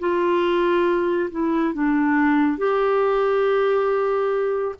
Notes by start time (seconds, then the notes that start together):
0.00 F4
1.31 E4
1.74 D4
2.58 G4